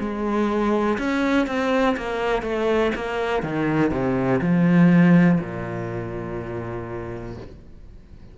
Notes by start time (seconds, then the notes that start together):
0.00 G#3
0.99 C#4
1.47 C4
1.97 A#3
2.43 A3
2.96 A#3
3.43 D#3
3.91 C3
4.41 F3
5.41 A#2